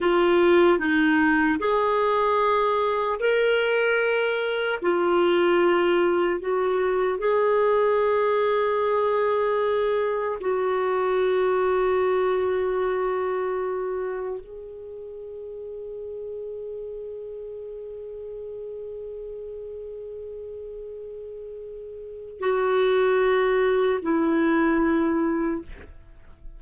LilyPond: \new Staff \with { instrumentName = "clarinet" } { \time 4/4 \tempo 4 = 75 f'4 dis'4 gis'2 | ais'2 f'2 | fis'4 gis'2.~ | gis'4 fis'2.~ |
fis'2 gis'2~ | gis'1~ | gis'1 | fis'2 e'2 | }